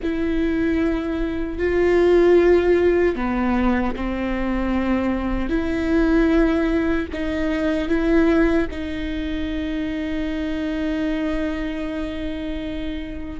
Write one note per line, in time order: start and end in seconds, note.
0.02 1.58 E4
1.58 3.15 F4
3.15 3.94 B3
3.95 5.49 C4
5.49 7.07 E4
7.13 7.88 D#4
7.88 8.67 E4
8.71 13.40 D#4